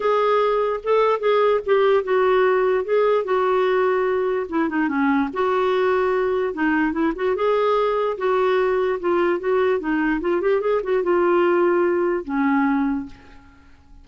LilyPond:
\new Staff \with { instrumentName = "clarinet" } { \time 4/4 \tempo 4 = 147 gis'2 a'4 gis'4 | g'4 fis'2 gis'4 | fis'2. e'8 dis'8 | cis'4 fis'2. |
dis'4 e'8 fis'8 gis'2 | fis'2 f'4 fis'4 | dis'4 f'8 g'8 gis'8 fis'8 f'4~ | f'2 cis'2 | }